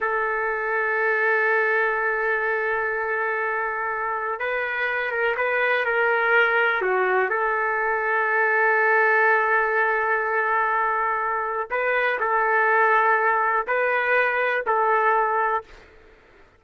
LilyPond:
\new Staff \with { instrumentName = "trumpet" } { \time 4/4 \tempo 4 = 123 a'1~ | a'1~ | a'4 b'4. ais'8 b'4 | ais'2 fis'4 a'4~ |
a'1~ | a'1 | b'4 a'2. | b'2 a'2 | }